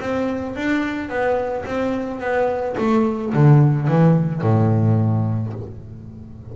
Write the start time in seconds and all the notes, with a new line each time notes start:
0.00 C4
0.55 D4
1.09 B3
1.65 C4
2.20 B3
2.77 A3
3.33 D3
3.87 E3
4.41 A2